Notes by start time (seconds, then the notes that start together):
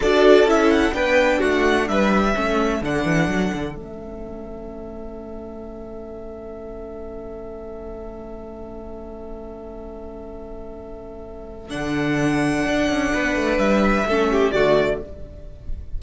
0.00 D4 F#4 A4 D5
0.44 C#4 E4 E5
0.70 F#5
0.92 B3 D4 B4 G5
1.39 A3 F#4 F#5
1.88 G3 B4 E5
2.34 A3 C#4 A4
2.81 D3 D4 F#5
3.04 E3
3.27 F#3
3.53 D3
3.75 A3 C#4 E5
11.69 D3 D4 F#5
12.66 D4
12.89 C#4
13.13 B3 B4
13.35 A3
13.57 G3 E5
14.04 A3 C#4 A4
14.31 G4
14.51 D3 A3 F#4 D5